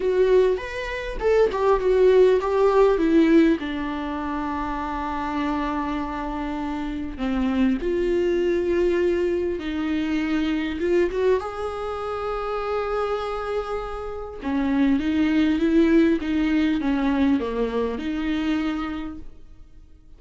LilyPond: \new Staff \with { instrumentName = "viola" } { \time 4/4 \tempo 4 = 100 fis'4 b'4 a'8 g'8 fis'4 | g'4 e'4 d'2~ | d'1 | c'4 f'2. |
dis'2 f'8 fis'8 gis'4~ | gis'1 | cis'4 dis'4 e'4 dis'4 | cis'4 ais4 dis'2 | }